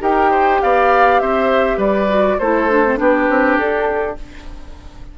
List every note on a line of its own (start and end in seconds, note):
0.00 0.61 D#4
0.00 2.08 G4
0.00 0.30 A#4
0.00 0.62 G5
0.30 0.60 C5
0.62 1.21 B3
0.62 1.21 D5
0.62 1.19 F5
1.19 1.77 C4
1.19 1.77 C5
1.19 1.79 E5
1.77 2.37 G3
1.77 2.36 B4
1.77 2.39 D5
2.09 2.38 F#4
2.39 2.99 A3
2.39 2.69 E4
2.39 2.99 A4
2.39 2.99 C5
2.69 2.84 D4
2.85 2.97 C4
2.97 3.28 B3
2.97 4.15 D4
2.97 4.18 G4
2.97 3.57 B4
3.29 3.58 C4
3.57 4.17 D4
3.57 4.17 A4